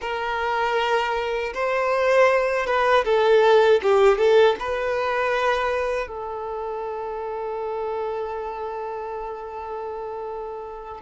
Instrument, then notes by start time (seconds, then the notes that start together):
violin
0.01 A#4
1.54 C5
2.66 B4
3.04 A4
3.82 G4
4.17 A4
4.59 B4
6.07 A4